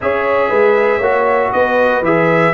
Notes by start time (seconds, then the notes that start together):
0.01 C#4 G#4 C#5 E5
0.49 G#3 B4
0.98 A#3 F#4 C#5
1.52 B3 B4 D#5
2.01 E3 G#4 E5